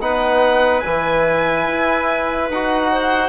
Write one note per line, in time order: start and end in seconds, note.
0.00 0.83 B3
0.00 0.84 D#4
0.00 2.92 B4
0.00 0.81 F#5
0.81 1.68 E3
0.81 2.52 E4
0.81 2.47 G#5
1.68 2.50 E4
2.50 3.30 D#4
2.50 3.30 F#4
2.50 3.30 F#5
2.92 3.30 C5